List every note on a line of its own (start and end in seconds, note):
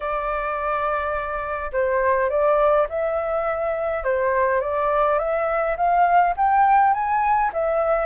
0.00 1.71 D5
1.72 2.29 C5
2.29 2.87 D5
2.89 4.04 E5
4.04 4.60 C5
4.60 5.18 D5
5.18 5.76 E5
5.76 6.34 F5
6.36 6.93 G5
6.93 7.51 G#5
7.53 8.05 E5